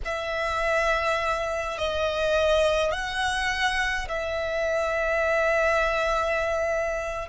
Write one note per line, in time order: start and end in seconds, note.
0.04 1.78 E5
1.78 2.91 D#5
2.91 4.08 F#5
4.08 7.28 E5